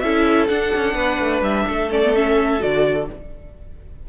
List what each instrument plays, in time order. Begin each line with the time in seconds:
0.00 cello C#4, viola E4, violin A4 E5
0.48 viola D4, cello D4, violin F#5
0.76 cello C#4
0.94 cello B3, violin B4
1.20 cello A3
1.42 cello G3, violin E5
1.68 cello A3, violin A4
1.91 viola C#4, violin D5
2.05 viola B3
2.15 viola C#4, violin E5
2.60 cello D3, viola F#4, violin D5